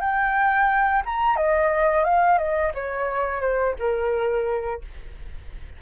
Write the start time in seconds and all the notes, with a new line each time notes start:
0.00 G5
1.05 A#5
1.36 D#5
2.04 F5
2.38 D#5
2.74 C#5
3.41 C5
3.78 A#4